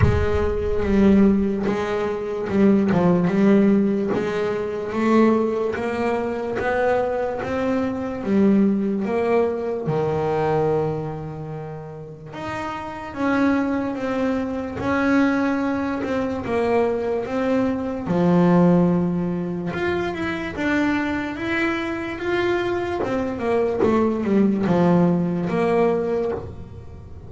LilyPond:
\new Staff \with { instrumentName = "double bass" } { \time 4/4 \tempo 4 = 73 gis4 g4 gis4 g8 f8 | g4 gis4 a4 ais4 | b4 c'4 g4 ais4 | dis2. dis'4 |
cis'4 c'4 cis'4. c'8 | ais4 c'4 f2 | f'8 e'8 d'4 e'4 f'4 | c'8 ais8 a8 g8 f4 ais4 | }